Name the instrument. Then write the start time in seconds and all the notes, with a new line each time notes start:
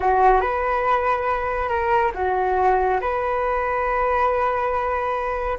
flute
0.00 F#4
0.40 B4
1.68 A#4
2.14 F#4
3.01 B4